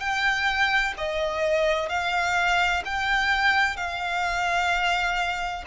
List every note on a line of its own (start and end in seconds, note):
0.00 0.94 G5
0.98 1.89 D#5
1.89 2.83 F5
2.85 3.77 G5
3.77 5.64 F5